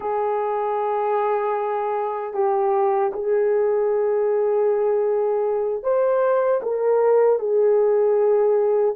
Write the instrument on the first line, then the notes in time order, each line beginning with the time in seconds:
horn
0.00 G#4
2.33 G4
3.13 G#4
5.83 C5
6.62 A#4
7.39 G#4